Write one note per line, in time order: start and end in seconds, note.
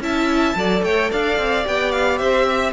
0.00 0.55 C#4
0.00 0.56 E4
0.00 0.57 E5
0.00 0.84 A5
0.55 0.82 F#3
0.55 1.63 A4
0.55 0.85 D5
0.83 1.10 A3
0.83 1.11 C#5
0.83 1.11 G5
1.11 1.38 D4
1.11 2.19 D5
1.11 1.67 F5
1.38 1.65 C4
1.63 2.20 B3
1.63 2.72 G4
1.63 1.92 G5
1.92 2.18 F5
2.18 2.73 C4
2.18 2.46 C5
2.18 2.72 E5
2.46 2.73 E5